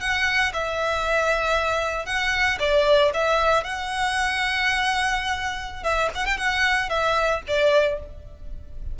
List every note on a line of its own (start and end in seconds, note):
0.00 0.52 F#5
0.53 2.06 E5
2.06 2.58 F#5
2.59 3.12 D5
3.14 3.64 E5
3.64 5.83 F#5
5.83 6.09 E5
6.15 6.26 F#5
6.26 6.37 G5
6.37 6.89 F#5
6.89 7.42 E5
7.47 7.99 D5